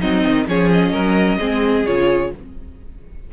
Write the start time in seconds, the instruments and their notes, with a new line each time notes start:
0.00 cello F#3, viola C4, violin D#4 D#5
0.28 cello D#3
0.47 cello F3, viola C#4, violin G#4 C#5
0.71 violin D#5
0.92 cello F#3, violin A#4
1.39 cello G#3, viola C4, violin G#4
1.86 cello C#3, viola F4, violin C#5